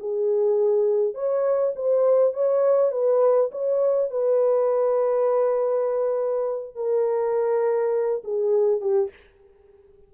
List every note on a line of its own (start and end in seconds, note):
0.00 1.15 G#4
1.15 1.74 C#5
1.76 2.34 C5
2.34 2.92 C#5
2.92 3.51 B4
3.52 4.11 C#5
4.11 6.76 B4
6.76 8.23 A#4
8.25 8.81 G#4
8.81 9.10 G4